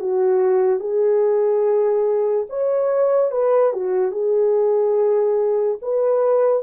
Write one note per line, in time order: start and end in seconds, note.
0.00 0.80 F#4
0.80 2.47 G#4
2.50 3.31 C#5
3.31 3.73 B4
3.73 4.11 F#4
4.11 5.78 G#4
5.82 6.63 B4